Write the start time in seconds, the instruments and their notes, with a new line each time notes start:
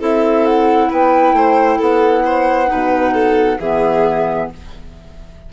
0.00 bassoon C4, clarinet E4, violin A4, flute E5
0.46 flute F#5
0.90 bassoon B3, violin B4, flute G5
1.33 bassoon A3, violin C5
1.78 bassoon B3, violin A4, flute F#5
2.25 violin C5
2.67 bassoon B2, clarinet D#4, violin B4
3.14 violin A4
3.59 bassoon E3, clarinet B3, violin G#4, flute E5